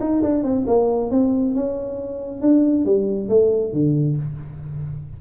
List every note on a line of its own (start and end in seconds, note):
0.00 0.22 D#4
0.22 0.43 D4
0.43 0.65 C4
0.67 1.11 A#3
1.11 1.55 C4
1.55 2.41 C#4
2.41 2.85 D4
2.85 3.29 G3
3.29 3.73 A3
3.73 4.17 D3